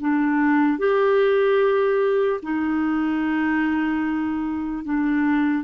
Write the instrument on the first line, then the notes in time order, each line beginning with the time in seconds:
clarinet
0.00 D4
0.79 G4
2.43 D#4
4.85 D4